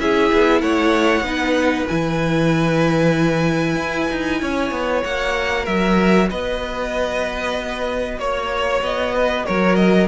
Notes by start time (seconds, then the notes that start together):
0.00 C#4 E4 G#4 E5
0.33 B3
0.61 A3 C#5 F#5
1.22 B3 D#4 B4
1.88 E3 E4 G#5
3.76 E4
4.12 D#4
4.41 C#4 C#5
4.71 B3
5.04 A#3 F#4 F#5
5.64 F#3 A#4 E5
6.31 B3 B4 D#5
8.18 A#3 C#5
8.82 B3 D#5
9.15 B4
9.46 F#3 A#4 C#5
9.76 D#5